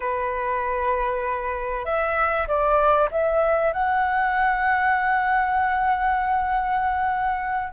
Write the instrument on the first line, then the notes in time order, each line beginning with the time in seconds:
flute
0.00 B4
1.85 E5
2.47 D5
3.11 E5
3.73 F#5